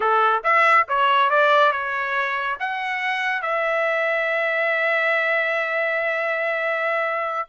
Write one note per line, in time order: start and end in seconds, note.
0.00 0.43 A4
0.43 0.86 E5
0.88 1.30 C#5
1.30 1.71 D5
1.71 2.57 C#5
2.59 3.41 F#5
3.41 7.49 E5